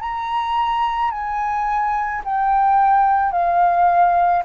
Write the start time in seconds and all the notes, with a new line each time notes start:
0.00 A#5
1.11 G#5
2.24 G5
3.31 F5